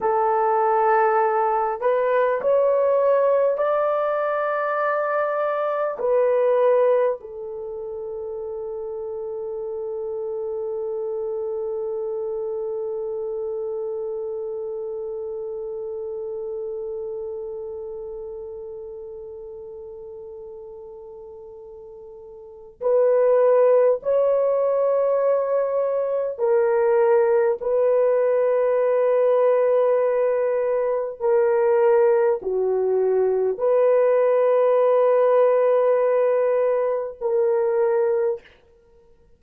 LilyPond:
\new Staff \with { instrumentName = "horn" } { \time 4/4 \tempo 4 = 50 a'4. b'8 cis''4 d''4~ | d''4 b'4 a'2~ | a'1~ | a'1~ |
a'2. b'4 | cis''2 ais'4 b'4~ | b'2 ais'4 fis'4 | b'2. ais'4 | }